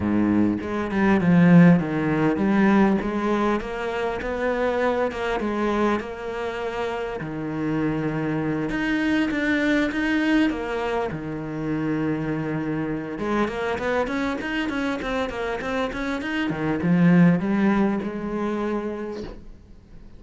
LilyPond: \new Staff \with { instrumentName = "cello" } { \time 4/4 \tempo 4 = 100 gis,4 gis8 g8 f4 dis4 | g4 gis4 ais4 b4~ | b8 ais8 gis4 ais2 | dis2~ dis8 dis'4 d'8~ |
d'8 dis'4 ais4 dis4.~ | dis2 gis8 ais8 b8 cis'8 | dis'8 cis'8 c'8 ais8 c'8 cis'8 dis'8 dis8 | f4 g4 gis2 | }